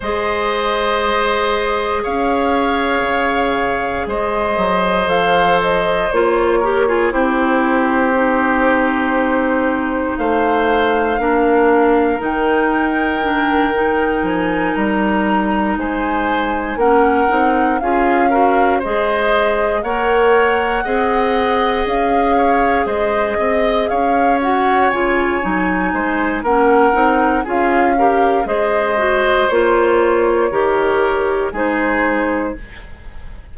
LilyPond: <<
  \new Staff \with { instrumentName = "flute" } { \time 4/4 \tempo 4 = 59 dis''2 f''2 | dis''4 f''8 dis''8 cis''4 c''4~ | c''2 f''2 | g''2 gis''8 ais''4 gis''8~ |
gis''8 fis''4 f''4 dis''4 fis''8~ | fis''4. f''4 dis''4 f''8 | fis''8 gis''4. fis''4 f''4 | dis''4 cis''2 c''4 | }
  \new Staff \with { instrumentName = "oboe" } { \time 4/4 c''2 cis''2 | c''2~ c''8 ais'16 gis'16 g'4~ | g'2 c''4 ais'4~ | ais'2.~ ais'8 c''8~ |
c''8 ais'4 gis'8 ais'8 c''4 cis''8~ | cis''8 dis''4. cis''8 c''8 dis''8 cis''8~ | cis''4. c''8 ais'4 gis'8 ais'8 | c''2 ais'4 gis'4 | }
  \new Staff \with { instrumentName = "clarinet" } { \time 4/4 gis'1~ | gis'4 a'4 f'8 g'16 f'16 e'4 | dis'2. d'4 | dis'4 d'8 dis'2~ dis'8~ |
dis'8 cis'8 dis'8 f'8 fis'8 gis'4 ais'8~ | ais'8 gis'2.~ gis'8 | fis'8 f'8 dis'4 cis'8 dis'8 f'8 g'8 | gis'8 fis'8 f'4 g'4 dis'4 | }
  \new Staff \with { instrumentName = "bassoon" } { \time 4/4 gis2 cis'4 cis4 | gis8 fis8 f4 ais4 c'4~ | c'2 a4 ais4 | dis2 f8 g4 gis8~ |
gis8 ais8 c'8 cis'4 gis4 ais8~ | ais8 c'4 cis'4 gis8 c'8 cis'8~ | cis'8 cis8 fis8 gis8 ais8 c'8 cis'4 | gis4 ais4 dis4 gis4 | }
>>